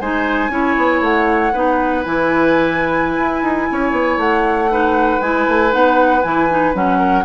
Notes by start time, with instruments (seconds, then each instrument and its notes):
0.00 bassoon G#3, clarinet D#4, oboe C5, flute G#5
0.49 bassoon C#4, clarinet E4, oboe C#5
0.77 bassoon B3
1.01 bassoon A3, flute F#5
1.53 bassoon B3, clarinet D#4, oboe B4
2.04 bassoon E3, clarinet E4, flute G#5
3.17 bassoon E4
3.42 bassoon D#4
3.71 bassoon C#4, oboe C#5
3.92 bassoon B3
4.17 bassoon A3, flute F#5
4.71 clarinet D#4, oboe B4
5.21 bassoon G#3, clarinet E4, flute G#5
5.48 bassoon A3
5.71 bassoon B3, clarinet D#4, flute F#5
6.22 bassoon E3, clarinet E4, flute G#5
6.50 clarinet D#4
6.74 bassoon F#3, clarinet C#4, flute F#5
6.99 oboe A#4